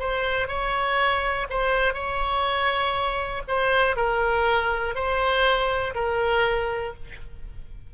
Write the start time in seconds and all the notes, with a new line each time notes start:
0.00 C5
0.48 C#5
1.50 C5
1.94 C#5
3.48 C5
3.97 A#4
4.95 C5
5.95 A#4